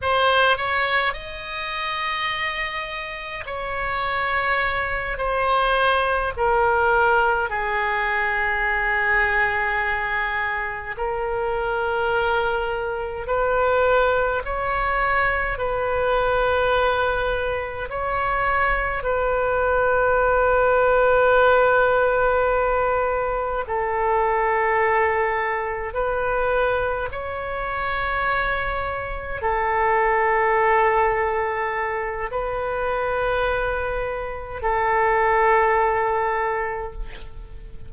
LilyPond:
\new Staff \with { instrumentName = "oboe" } { \time 4/4 \tempo 4 = 52 c''8 cis''8 dis''2 cis''4~ | cis''8 c''4 ais'4 gis'4.~ | gis'4. ais'2 b'8~ | b'8 cis''4 b'2 cis''8~ |
cis''8 b'2.~ b'8~ | b'8 a'2 b'4 cis''8~ | cis''4. a'2~ a'8 | b'2 a'2 | }